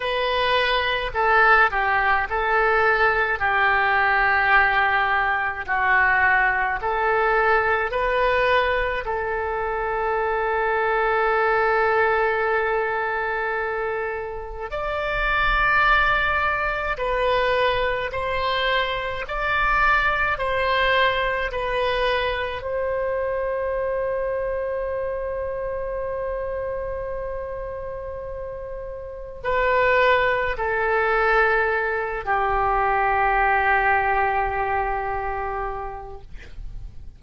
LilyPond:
\new Staff \with { instrumentName = "oboe" } { \time 4/4 \tempo 4 = 53 b'4 a'8 g'8 a'4 g'4~ | g'4 fis'4 a'4 b'4 | a'1~ | a'4 d''2 b'4 |
c''4 d''4 c''4 b'4 | c''1~ | c''2 b'4 a'4~ | a'8 g'2.~ g'8 | }